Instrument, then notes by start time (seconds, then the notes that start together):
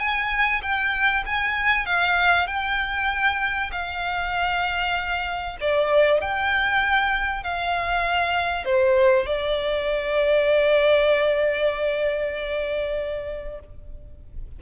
violin
0.00 G#5
0.62 G5
1.26 G#5
1.86 F5
2.47 G5
3.72 F5
5.61 D5
6.21 G5
7.44 F5
8.65 C5
9.26 D5